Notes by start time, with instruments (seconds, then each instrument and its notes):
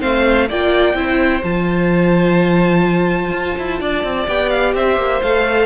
0.00 cello A3, viola C4, violin C5 F5
0.49 cello A#3, viola F4, violin D5 G5
0.94 cello C4, viola E4, violin C5
1.43 cello F3, viola F4, violin A5
3.32 cello F4
3.58 cello E4
3.80 cello D4, violin D5
4.04 cello C4
4.27 cello B3, viola G4, violin G5
4.50 violin F5
4.75 cello C4, violin C5 E5
4.97 cello A#3
5.23 cello A3, viola A4, violin F5